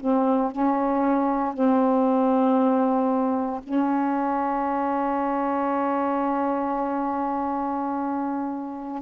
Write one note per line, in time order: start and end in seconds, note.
0.00 0.52 C4
0.52 1.54 C#4
1.54 3.61 C4
3.63 9.02 C#4